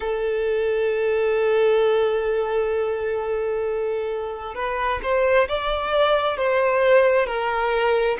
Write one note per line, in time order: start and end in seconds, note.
0.00 4.55 A4
4.55 5.00 B4
5.02 5.48 C5
5.48 6.37 D5
6.37 7.26 C5
7.26 8.17 A#4